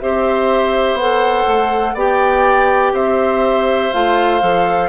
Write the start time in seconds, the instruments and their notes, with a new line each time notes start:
0.00 bassoon C4, clarinet G4, oboe C5, flute E5
0.94 bassoon B3, flute F#5
1.01 clarinet A4
1.48 bassoon A3
1.94 bassoon B3, clarinet G4, oboe D5, flute G5
2.93 bassoon C4, oboe C5, flute E5
3.93 bassoon A3, clarinet F4, flute F5
4.41 bassoon F3, clarinet A4